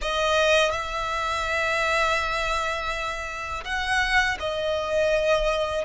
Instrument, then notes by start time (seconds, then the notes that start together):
violin
0.01 D#5
0.71 E5
3.64 F#5
4.39 D#5